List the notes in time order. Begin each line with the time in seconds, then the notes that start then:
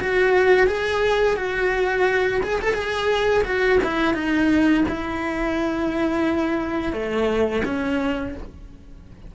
0.00 F#4
0.67 G#4
1.36 F#4
2.43 G#4
2.61 A4
2.74 G#4
3.44 F#4
3.84 E4
4.14 D#4
4.88 E4
6.93 A3
7.65 C#4